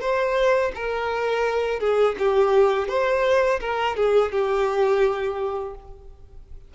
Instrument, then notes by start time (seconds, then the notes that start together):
violin
0.00 C5
0.75 A#4
1.80 G#4
2.18 G4
2.88 C5
3.60 A#4
3.96 G#4
4.31 G4